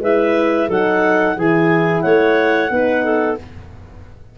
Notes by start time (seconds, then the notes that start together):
0.00 G#3 E4 B4 E5
0.68 F#3 D#4 A4 F#5
1.35 E3 E4 G#4 G#5
2.01 A3 C#5 F#5
2.70 B3 D#4 B4
3.04 A4